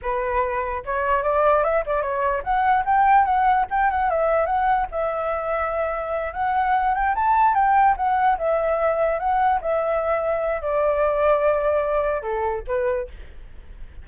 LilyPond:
\new Staff \with { instrumentName = "flute" } { \time 4/4 \tempo 4 = 147 b'2 cis''4 d''4 | e''8 d''8 cis''4 fis''4 g''4 | fis''4 g''8 fis''8 e''4 fis''4 | e''2.~ e''8 fis''8~ |
fis''4 g''8 a''4 g''4 fis''8~ | fis''8 e''2 fis''4 e''8~ | e''2 d''2~ | d''2 a'4 b'4 | }